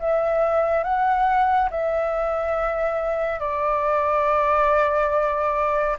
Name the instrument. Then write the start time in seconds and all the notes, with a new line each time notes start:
flute
0.00 E5
0.84 F#5
1.71 E5
3.40 D5